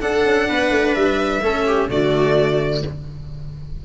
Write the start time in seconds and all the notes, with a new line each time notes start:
0.00 D4 A4 F#5
0.25 C#4
0.49 B3 B4
0.71 A3
0.95 G3 E5
1.42 A3 C#4 A4
1.67 G4
1.89 D3 A3 F#4 D5